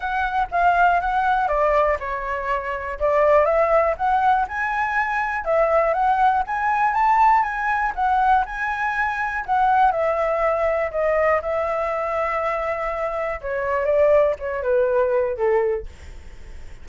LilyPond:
\new Staff \with { instrumentName = "flute" } { \time 4/4 \tempo 4 = 121 fis''4 f''4 fis''4 d''4 | cis''2 d''4 e''4 | fis''4 gis''2 e''4 | fis''4 gis''4 a''4 gis''4 |
fis''4 gis''2 fis''4 | e''2 dis''4 e''4~ | e''2. cis''4 | d''4 cis''8 b'4. a'4 | }